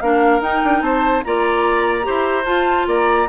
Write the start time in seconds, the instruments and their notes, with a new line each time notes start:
0.00 bassoon A#3, clarinet D4, oboe A#4, flute F5
0.40 bassoon D#4, clarinet D#4, flute G5
0.64 bassoon D4
0.81 bassoon C4, oboe C5, flute A5
1.24 bassoon A#3, clarinet F4, oboe D5, flute A#5
2.02 clarinet G4, oboe C5
2.08 bassoon E4
2.45 bassoon F4, clarinet F4, flute A5
2.86 bassoon A#3, oboe D5, flute A#5